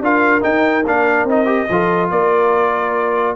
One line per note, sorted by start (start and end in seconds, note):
0.00 0.42 D4
0.00 0.41 F4
0.00 1.71 A#4
0.00 0.43 F5
0.41 0.83 D#4
0.41 0.85 D#4
0.41 0.85 G5
0.85 1.24 A#3
0.85 1.28 D4
0.85 1.29 F5
1.24 1.66 C4
1.24 1.45 D#4
1.24 2.10 D#5
1.45 1.66 G4
1.69 2.10 F3
1.69 3.36 F4
1.69 2.11 A4
2.10 3.36 A#3
2.10 3.36 A#4
2.10 3.36 D5